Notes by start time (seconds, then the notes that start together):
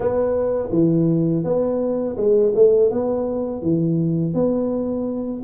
0.00 B3
0.71 E3
1.44 B3
2.16 G#3
2.54 A3
2.90 B3
3.62 E3
4.34 B3